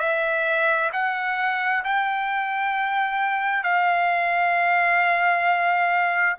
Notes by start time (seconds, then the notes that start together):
0.00 E5
0.93 F#5
1.85 G5
3.64 F5